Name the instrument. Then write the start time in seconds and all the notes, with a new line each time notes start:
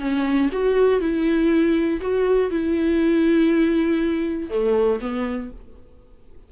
viola
0.00 C#4
0.53 F#4
1.01 E4
2.02 F#4
2.51 E4
4.50 A3
5.01 B3